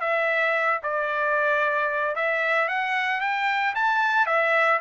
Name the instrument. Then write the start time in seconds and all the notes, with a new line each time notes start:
trumpet
0.00 E5
0.83 D5
2.15 E5
2.68 F#5
3.20 G5
3.75 A5
4.26 E5